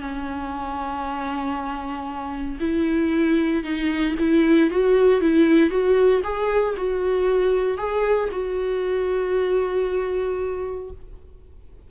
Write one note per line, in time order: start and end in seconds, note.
0.00 2.59 C#4
2.60 3.64 E4
3.64 4.15 D#4
4.19 4.70 E4
4.70 5.21 F#4
5.21 5.70 E4
5.70 6.22 F#4
6.24 6.75 G#4
6.77 7.78 F#4
7.78 8.29 G#4
8.32 10.90 F#4